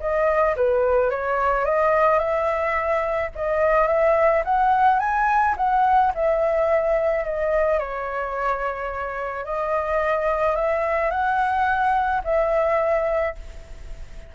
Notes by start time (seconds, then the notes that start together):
0.00 D#5
0.57 B4
1.11 C#5
1.65 D#5
2.19 E5
3.35 D#5
3.88 E5
4.45 F#5
5.00 G#5
5.57 F#5
6.15 E5
7.25 D#5
7.79 C#5
9.45 D#5
10.56 E5
11.11 F#5
12.24 E5